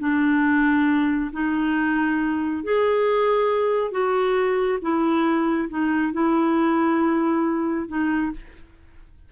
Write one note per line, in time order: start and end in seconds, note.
0.00 1.31 D4
1.33 2.64 D#4
2.64 3.92 G#4
3.92 4.79 F#4
4.82 5.70 E4
5.70 6.13 D#4
6.13 7.88 E4
7.89 8.32 D#4